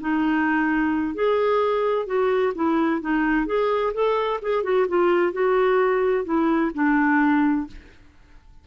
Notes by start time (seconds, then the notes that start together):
0.00 D#4
1.14 G#4
2.06 F#4
2.55 E4
3.01 D#4
3.46 G#4
3.93 A4
4.41 G#4
4.63 F#4
4.88 F4
5.32 F#4
6.25 E4
6.74 D4